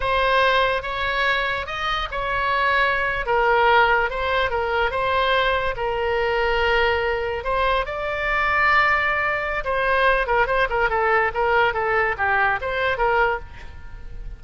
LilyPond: \new Staff \with { instrumentName = "oboe" } { \time 4/4 \tempo 4 = 143 c''2 cis''2 | dis''4 cis''2~ cis''8. ais'16~ | ais'4.~ ais'16 c''4 ais'4 c''16~ | c''4.~ c''16 ais'2~ ais'16~ |
ais'4.~ ais'16 c''4 d''4~ d''16~ | d''2. c''4~ | c''8 ais'8 c''8 ais'8 a'4 ais'4 | a'4 g'4 c''4 ais'4 | }